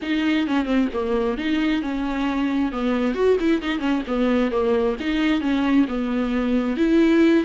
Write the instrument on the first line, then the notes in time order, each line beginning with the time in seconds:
viola
0.02 D#4
0.47 C#4
0.65 C4
0.93 A#3
1.37 D#4
1.82 C#4
2.71 B3
3.14 F#4
3.40 E4
3.61 D#4
3.79 C#4
4.07 B3
4.51 A#3
5.00 D#4
5.41 C#4
5.88 B3
6.76 E4